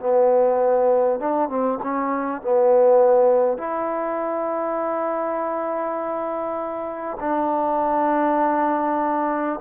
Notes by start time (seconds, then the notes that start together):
0.00 B3
1.20 D4
1.49 C4
1.83 C#4
2.42 B3
3.58 E4
7.21 D4